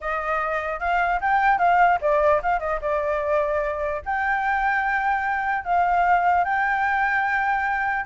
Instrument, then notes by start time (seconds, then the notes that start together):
flute
0.00 D#5
0.79 F5
1.20 G5
1.58 F5
2.01 D5
2.42 F5
2.59 D#5
2.81 D5
4.05 G5
5.64 F5
6.44 G5